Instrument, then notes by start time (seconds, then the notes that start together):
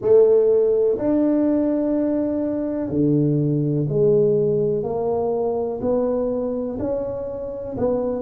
tuba
0.01 A3
0.98 D4
2.89 D3
3.88 G#3
4.83 A#3
5.81 B3
6.79 C#4
7.77 B3